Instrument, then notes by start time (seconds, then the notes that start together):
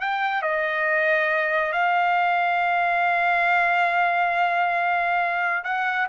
trumpet
0.00 G5
0.42 D#5
1.72 F5
5.64 F#5